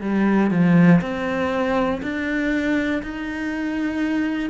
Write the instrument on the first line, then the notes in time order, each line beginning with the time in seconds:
cello
0.00 G3
0.50 F3
1.00 C4
2.02 D4
3.03 D#4